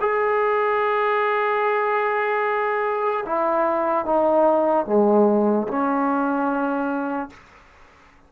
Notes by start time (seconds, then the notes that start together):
0.00 G#4
3.25 E4
4.05 D#4
4.86 G#3
5.68 C#4